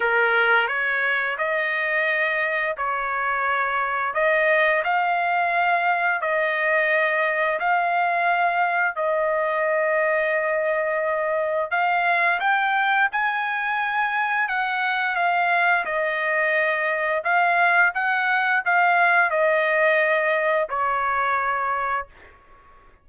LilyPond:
\new Staff \with { instrumentName = "trumpet" } { \time 4/4 \tempo 4 = 87 ais'4 cis''4 dis''2 | cis''2 dis''4 f''4~ | f''4 dis''2 f''4~ | f''4 dis''2.~ |
dis''4 f''4 g''4 gis''4~ | gis''4 fis''4 f''4 dis''4~ | dis''4 f''4 fis''4 f''4 | dis''2 cis''2 | }